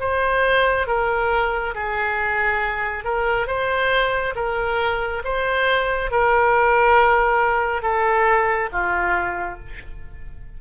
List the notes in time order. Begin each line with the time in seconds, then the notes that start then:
0.00 C5
0.87 A#4
1.75 G#4
3.04 A#4
3.47 C5
4.36 A#4
5.24 C5
6.11 A#4
7.82 A4
8.72 F4